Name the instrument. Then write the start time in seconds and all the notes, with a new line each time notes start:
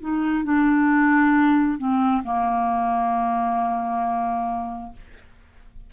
clarinet
0.00 D#4
0.44 D4
1.78 C4
2.23 A#3